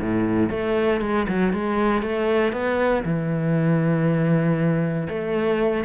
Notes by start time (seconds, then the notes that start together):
0.00 A2
0.49 A3
1.01 G#3
1.28 F#3
1.52 G#3
2.02 A3
2.52 B3
3.04 E3
5.08 A3